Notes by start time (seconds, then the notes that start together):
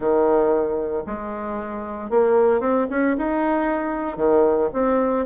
0.00 D#3
1.06 G#3
2.09 A#3
2.60 C4
2.90 C#4
3.17 D#4
4.17 D#3
4.73 C4